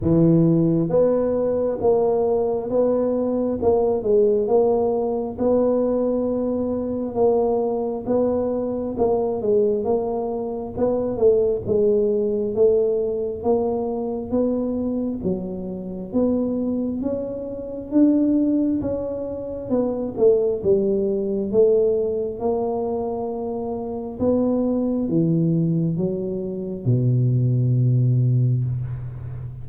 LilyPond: \new Staff \with { instrumentName = "tuba" } { \time 4/4 \tempo 4 = 67 e4 b4 ais4 b4 | ais8 gis8 ais4 b2 | ais4 b4 ais8 gis8 ais4 | b8 a8 gis4 a4 ais4 |
b4 fis4 b4 cis'4 | d'4 cis'4 b8 a8 g4 | a4 ais2 b4 | e4 fis4 b,2 | }